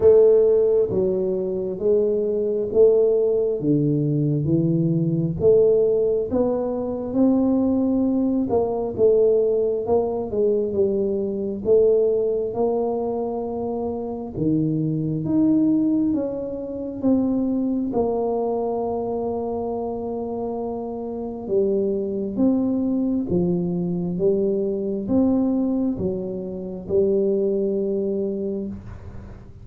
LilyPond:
\new Staff \with { instrumentName = "tuba" } { \time 4/4 \tempo 4 = 67 a4 fis4 gis4 a4 | d4 e4 a4 b4 | c'4. ais8 a4 ais8 gis8 | g4 a4 ais2 |
dis4 dis'4 cis'4 c'4 | ais1 | g4 c'4 f4 g4 | c'4 fis4 g2 | }